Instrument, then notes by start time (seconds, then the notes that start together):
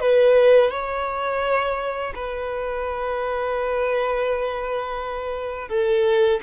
violin
0.00 B4
0.70 C#5
2.15 B4
5.68 A4